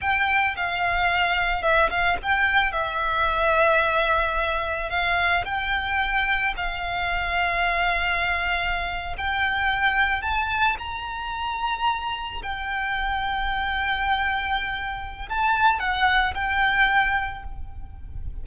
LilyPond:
\new Staff \with { instrumentName = "violin" } { \time 4/4 \tempo 4 = 110 g''4 f''2 e''8 f''8 | g''4 e''2.~ | e''4 f''4 g''2 | f''1~ |
f''8. g''2 a''4 ais''16~ | ais''2~ ais''8. g''4~ g''16~ | g''1 | a''4 fis''4 g''2 | }